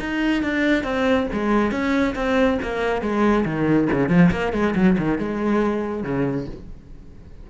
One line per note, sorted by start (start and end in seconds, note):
0.00 0.43 D#4
0.43 0.84 D4
0.84 1.27 C4
1.33 1.72 G#3
1.72 2.15 C#4
2.15 2.59 C4
2.63 3.02 A#3
3.02 3.45 G#3
3.46 3.89 D#3
3.93 4.09 C#3
4.09 4.31 F3
4.32 4.53 A#3
4.53 4.75 G#3
4.76 4.97 F#3
4.98 5.19 D#3
5.19 6.04 G#3
6.04 6.47 C#3